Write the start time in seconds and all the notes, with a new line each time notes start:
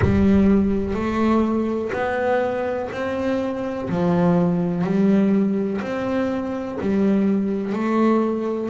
0.01 G3
0.94 A3
1.93 B3
2.92 C4
3.89 F3
4.83 G3
5.81 C4
6.80 G3
7.72 A3